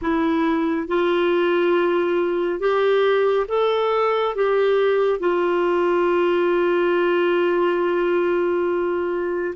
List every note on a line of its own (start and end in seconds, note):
0.01 0.87 E4
0.87 2.59 F4
2.59 3.46 G4
3.48 4.35 A4
4.35 5.19 G4
5.19 9.54 F4